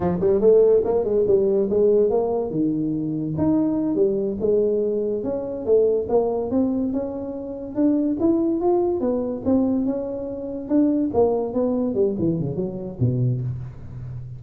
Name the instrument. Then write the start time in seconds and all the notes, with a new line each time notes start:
tuba
0.00 F3
0.20 G3
0.40 A3
0.84 A#3
1.04 G#3
1.27 G3
1.70 G#3
2.09 A#3
2.50 D#3
3.37 D#4
3.95 G3
4.40 G#3
5.23 C#4
5.65 A3
6.08 A#3
6.50 C4
6.92 C#4
7.75 D4
8.19 E4
8.60 F4
9.00 B3
9.45 C4
9.85 C#4
10.68 D4
11.13 A#3
11.53 B3
11.94 G3
12.18 E3
12.39 C#3
12.56 F#3
12.99 B2